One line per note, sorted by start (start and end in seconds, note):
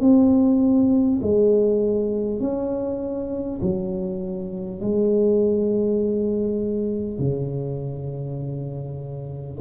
0.00 1.20 C4
1.22 2.40 G#3
2.40 3.60 C#4
3.62 4.81 F#3
4.81 7.19 G#3
7.19 9.59 C#3